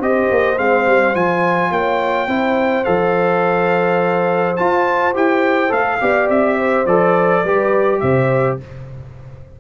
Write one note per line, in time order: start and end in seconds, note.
0.00 0.29 C4
0.00 0.57 G4
0.00 1.71 C5
0.00 0.58 D#5
0.31 0.58 A#3
0.57 0.86 G#3
0.57 1.15 C4
0.57 1.15 F5
0.87 1.15 G3
1.15 1.71 F3
1.15 2.28 F4
1.15 1.72 G#5
1.71 2.27 A#3
1.71 2.28 C#5
1.71 2.84 G5
2.27 2.84 C4
2.27 2.85 E4
2.27 5.99 C5
2.84 4.59 F3
2.84 4.57 A4
2.84 4.56 F5
4.56 5.14 F4
4.56 5.16 F4
4.56 5.13 A5
5.14 5.72 E4
5.14 5.69 G4
5.14 5.72 G5
5.69 6.00 A3
5.69 5.98 A4
5.69 6.29 F5
6.00 6.29 B3
6.00 6.86 G4
6.00 6.58 D5
6.29 6.86 C4
6.29 6.86 E5
6.58 7.43 C5
6.86 7.43 F3
6.86 7.45 A4
6.86 8.00 D5
7.43 8.01 G3
7.43 8.60 G4
7.43 8.00 B4
8.00 8.59 C3
8.00 8.59 C5
8.00 8.57 E5